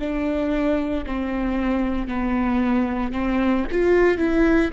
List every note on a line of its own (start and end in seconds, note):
0.00 1.05 D4
1.07 2.08 C4
2.08 3.13 B3
3.13 3.66 C4
3.72 4.18 F4
4.18 4.71 E4